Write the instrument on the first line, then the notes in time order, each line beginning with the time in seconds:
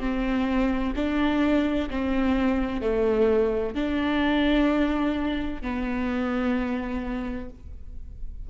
viola
0.00 C4
0.96 D4
1.90 C4
2.82 A3
3.75 D4
5.62 B3